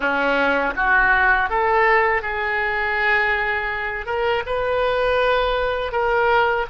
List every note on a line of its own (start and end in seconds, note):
0.00 0.73 C#4
0.76 1.49 F#4
1.49 2.22 A4
2.22 4.06 G#4
4.06 4.43 A#4
4.46 5.92 B4
5.92 6.66 A#4